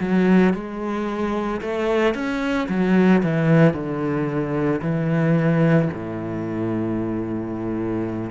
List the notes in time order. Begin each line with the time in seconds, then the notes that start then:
0.00 F#3
0.54 G#3
1.61 A3
2.14 C#4
2.69 F#3
3.23 E3
3.74 D3
4.82 E3
5.93 A2